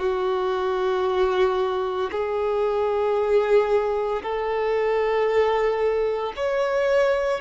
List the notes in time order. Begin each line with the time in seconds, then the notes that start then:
0.00 F#4
2.12 G#4
4.23 A4
6.36 C#5